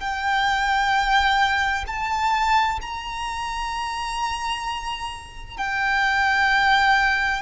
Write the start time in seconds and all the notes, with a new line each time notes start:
0.00 G5
1.87 A5
2.82 A#5
5.57 G5